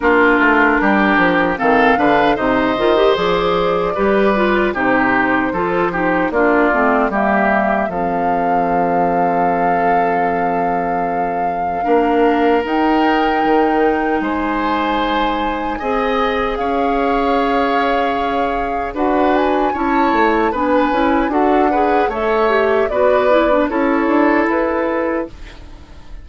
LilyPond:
<<
  \new Staff \with { instrumentName = "flute" } { \time 4/4 \tempo 4 = 76 ais'2 f''4 dis''4 | d''2 c''2 | d''4 e''4 f''2~ | f''1 |
g''2 gis''2~ | gis''4 f''2. | fis''8 gis''8 a''4 gis''4 fis''4 | e''4 d''4 cis''4 b'4 | }
  \new Staff \with { instrumentName = "oboe" } { \time 4/4 f'4 g'4 a'8 b'8 c''4~ | c''4 b'4 g'4 a'8 g'8 | f'4 g'4 a'2~ | a'2. ais'4~ |
ais'2 c''2 | dis''4 cis''2. | b'4 cis''4 b'4 a'8 b'8 | cis''4 b'4 a'2 | }
  \new Staff \with { instrumentName = "clarinet" } { \time 4/4 d'2 c'8 d'8 dis'8 f'16 g'16 | gis'4 g'8 f'8 dis'4 f'8 dis'8 | d'8 c'8 ais4 c'2~ | c'2. d'4 |
dis'1 | gis'1 | fis'4 e'4 d'8 e'8 fis'8 gis'8 | a'8 g'8 fis'8 e'16 d'16 e'2 | }
  \new Staff \with { instrumentName = "bassoon" } { \time 4/4 ais8 a8 g8 f8 dis8 d8 c8 dis8 | f4 g4 c4 f4 | ais8 a8 g4 f2~ | f2. ais4 |
dis'4 dis4 gis2 | c'4 cis'2. | d'4 cis'8 a8 b8 cis'8 d'4 | a4 b4 cis'8 d'8 e'4 | }
>>